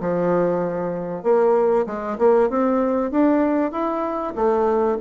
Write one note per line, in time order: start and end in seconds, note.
0.00 1.23 F3
1.23 1.86 A#3
1.86 2.17 G#3
2.18 2.49 A#3
2.49 3.11 C4
3.11 3.71 D4
3.71 4.34 E4
4.35 4.98 A3